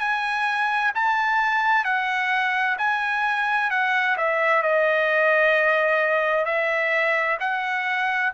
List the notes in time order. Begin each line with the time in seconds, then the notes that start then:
0.00 G#5
0.95 A5
1.85 F#5
2.79 G#5
3.70 F#5
4.18 E5
4.63 D#5
6.46 E5
7.41 F#5